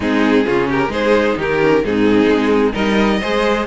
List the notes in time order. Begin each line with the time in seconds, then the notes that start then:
0.00 G#3 C4 D#4 G#4
0.45 C#3 C#4 F4
0.68 G4 A#4
0.88 G#3 D#4 G#4 C5
1.37 D#3 G4 A#4
1.60 C#4
1.83 G#2 C4 D#4 G#4
2.26 G#3
2.72 G3 D#4 A#4 D#5
3.21 G#3 G#4 C5